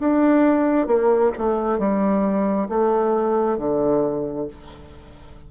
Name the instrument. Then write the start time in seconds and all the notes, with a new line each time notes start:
bassoon
0.00 D4
0.87 A#3
1.38 A3
1.79 G3
2.69 A3
3.58 D3